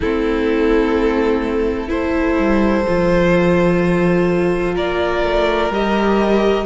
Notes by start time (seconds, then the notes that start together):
0.00 A3 C4 E4 A4
1.88 E4 A4 C5
2.38 G3
2.87 F3 F4
4.74 A#3 A#4 D5
5.23 A3
5.70 G3 G4 D#5